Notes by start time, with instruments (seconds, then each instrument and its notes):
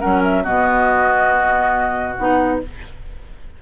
0.00 bassoon F#3, clarinet C#4, oboe A#4, flute F#5
0.23 flute E5
0.43 bassoon B2, clarinet B3, oboe F#4, flute D#5
2.16 bassoon B3, clarinet D#4, flute F#5